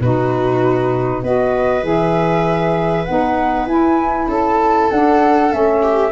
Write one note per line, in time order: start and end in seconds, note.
0.00 1.22 B2
0.00 1.24 D#4
0.00 1.24 F#4
0.00 1.23 B4
1.23 1.83 B3
1.23 1.82 F#4
1.23 4.28 B4
1.23 1.85 D#5
1.82 3.06 E3
1.82 3.05 G#4
1.82 3.05 E5
3.05 3.66 B3
3.05 3.68 D#4
3.05 3.66 F#5
3.66 4.27 E4
3.66 4.91 E4
3.66 4.29 G#5
4.28 4.89 C#4
4.28 5.81 A4
4.28 4.91 A5
4.91 5.53 D4
4.91 5.49 D4
4.91 5.52 F#5
5.49 6.12 A3
5.49 6.11 C#4
5.49 6.12 E5
5.82 6.12 G4